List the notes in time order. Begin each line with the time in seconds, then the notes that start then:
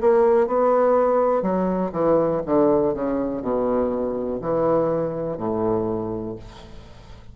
0.00 A#3
0.46 B3
1.42 F#3
1.92 E3
2.46 D3
2.93 C#3
3.42 B2
4.41 E3
5.37 A2